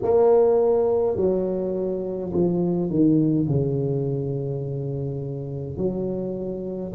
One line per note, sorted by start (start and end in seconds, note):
0.02 1.16 A#3
1.16 2.31 F#3
2.33 2.90 F3
2.90 3.47 D#3
3.47 5.77 C#3
5.77 6.92 F#3